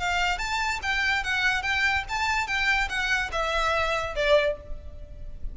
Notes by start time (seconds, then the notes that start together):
0.00 F5
0.39 A5
0.83 G5
1.24 F#5
1.63 G5
2.09 A5
2.48 G5
2.89 F#5
3.32 E5
4.16 D5